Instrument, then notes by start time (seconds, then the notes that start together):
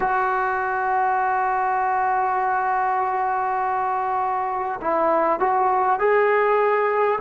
trombone
0.00 F#4
4.81 E4
5.39 F#4
5.99 G#4